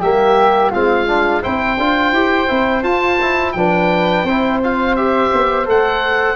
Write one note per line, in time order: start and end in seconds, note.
0.00 0.71 G3
0.00 0.72 A#3
0.00 0.70 G4
0.00 0.71 E5
0.70 1.45 G#3
0.70 1.07 C4
0.70 1.41 F4
0.70 1.43 F5
1.07 1.42 D4
1.41 1.77 C4
1.41 1.77 E4
1.41 3.53 C5
1.41 2.83 G5
1.77 2.11 D4
1.77 2.14 F4
2.11 2.47 E4
2.11 2.47 G4
2.47 2.83 C4
2.47 2.83 E4
2.83 3.18 F4
2.83 3.54 F4
2.83 3.52 A5
3.21 3.56 E4
3.52 4.23 F3
3.52 4.27 D4
3.52 4.25 B4
3.52 4.58 G5
4.23 5.29 C4
4.23 4.63 E4
4.23 6.35 C5
4.63 4.97 F4
4.63 4.95 F5
4.95 5.65 G4
4.95 5.66 E5
5.32 5.67 B3
5.65 6.35 A3
5.65 6.35 A4
5.65 6.35 F#5